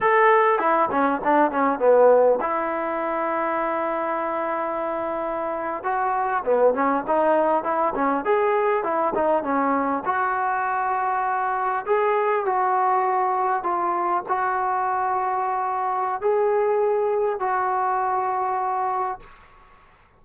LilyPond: \new Staff \with { instrumentName = "trombone" } { \time 4/4 \tempo 4 = 100 a'4 e'8 cis'8 d'8 cis'8 b4 | e'1~ | e'4.~ e'16 fis'4 b8 cis'8 dis'16~ | dis'8. e'8 cis'8 gis'4 e'8 dis'8 cis'16~ |
cis'8. fis'2. gis'16~ | gis'8. fis'2 f'4 fis'16~ | fis'2. gis'4~ | gis'4 fis'2. | }